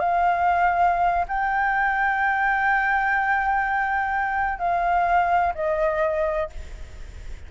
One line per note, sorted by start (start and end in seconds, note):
0.00 1.26 F5
1.28 4.59 G5
4.59 5.53 F5
5.55 6.50 D#5